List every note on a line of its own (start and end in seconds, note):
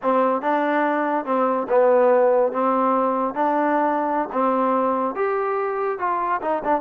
0.02 0.41 C4
0.41 1.25 D4
1.25 1.67 C4
1.68 2.52 B3
2.52 3.34 C4
3.34 4.28 D4
4.32 5.15 C4
5.15 5.98 G4
5.98 6.40 F4
6.41 6.62 D#4
6.64 6.81 D4